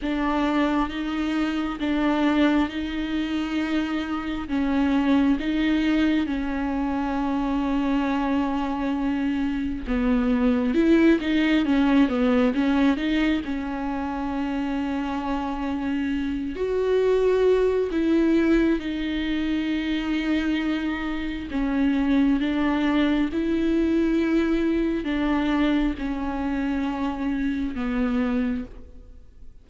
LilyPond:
\new Staff \with { instrumentName = "viola" } { \time 4/4 \tempo 4 = 67 d'4 dis'4 d'4 dis'4~ | dis'4 cis'4 dis'4 cis'4~ | cis'2. b4 | e'8 dis'8 cis'8 b8 cis'8 dis'8 cis'4~ |
cis'2~ cis'8 fis'4. | e'4 dis'2. | cis'4 d'4 e'2 | d'4 cis'2 b4 | }